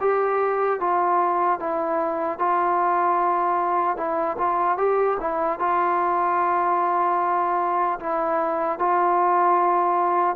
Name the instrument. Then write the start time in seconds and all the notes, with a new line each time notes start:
trombone
0.00 G4
0.80 F4
1.59 E4
2.39 F4
3.97 E4
4.38 F4
4.77 G4
5.20 E4
5.59 F4
7.99 E4
8.79 F4